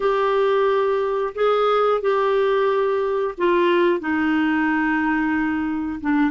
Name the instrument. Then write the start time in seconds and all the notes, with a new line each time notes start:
clarinet
0.00 G4
1.35 G#4
2.01 G4
3.37 F4
4.00 D#4
6.00 D4